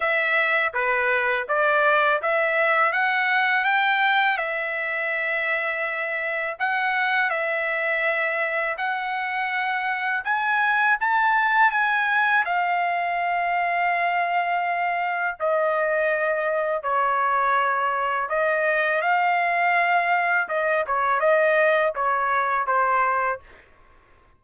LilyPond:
\new Staff \with { instrumentName = "trumpet" } { \time 4/4 \tempo 4 = 82 e''4 b'4 d''4 e''4 | fis''4 g''4 e''2~ | e''4 fis''4 e''2 | fis''2 gis''4 a''4 |
gis''4 f''2.~ | f''4 dis''2 cis''4~ | cis''4 dis''4 f''2 | dis''8 cis''8 dis''4 cis''4 c''4 | }